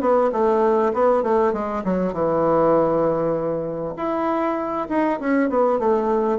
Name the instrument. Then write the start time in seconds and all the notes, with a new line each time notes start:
bassoon
0.00 B3
0.32 A3
0.93 B3
1.23 A3
1.52 G#3
1.84 F#3
2.13 E3
3.96 E4
4.89 D#4
5.20 C#4
5.49 B3
5.79 A3